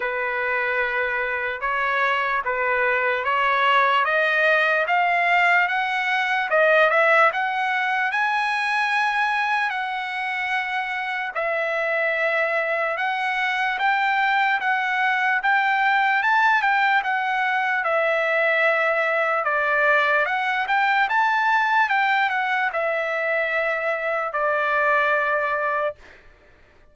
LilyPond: \new Staff \with { instrumentName = "trumpet" } { \time 4/4 \tempo 4 = 74 b'2 cis''4 b'4 | cis''4 dis''4 f''4 fis''4 | dis''8 e''8 fis''4 gis''2 | fis''2 e''2 |
fis''4 g''4 fis''4 g''4 | a''8 g''8 fis''4 e''2 | d''4 fis''8 g''8 a''4 g''8 fis''8 | e''2 d''2 | }